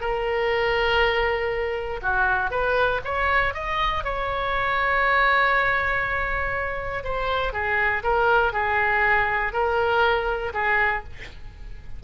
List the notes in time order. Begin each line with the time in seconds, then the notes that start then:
0.00 A#4
2.02 F#4
2.50 B4
3.04 C#5
3.53 D#5
4.03 C#5
7.03 C5
7.52 G#4
8.03 A#4
8.52 G#4
9.53 A#4
10.53 G#4